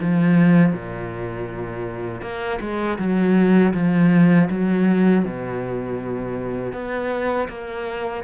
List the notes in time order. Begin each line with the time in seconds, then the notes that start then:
0.00 F3
0.72 A#2
2.21 A#3
2.60 G#3
2.98 F#3
3.73 F3
4.49 F#3
5.24 B2
6.73 B3
7.48 A#3